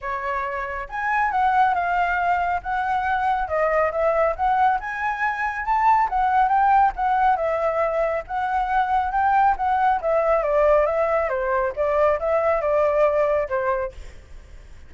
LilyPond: \new Staff \with { instrumentName = "flute" } { \time 4/4 \tempo 4 = 138 cis''2 gis''4 fis''4 | f''2 fis''2 | dis''4 e''4 fis''4 gis''4~ | gis''4 a''4 fis''4 g''4 |
fis''4 e''2 fis''4~ | fis''4 g''4 fis''4 e''4 | d''4 e''4 c''4 d''4 | e''4 d''2 c''4 | }